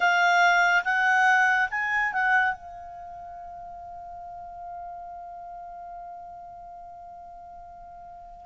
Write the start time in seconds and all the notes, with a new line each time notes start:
0.00 F5
0.84 F#5
1.70 G#5
2.12 F#5
2.54 F5